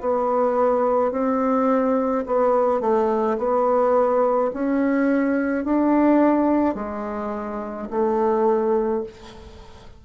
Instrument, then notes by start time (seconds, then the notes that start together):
bassoon
0.00 B3
1.12 C4
2.26 B3
2.81 A3
3.38 B3
4.53 C#4
5.64 D4
6.75 G#3
7.90 A3